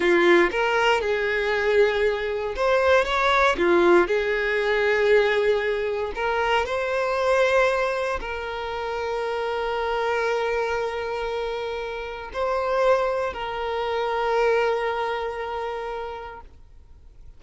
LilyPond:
\new Staff \with { instrumentName = "violin" } { \time 4/4 \tempo 4 = 117 f'4 ais'4 gis'2~ | gis'4 c''4 cis''4 f'4 | gis'1 | ais'4 c''2. |
ais'1~ | ais'1 | c''2 ais'2~ | ais'1 | }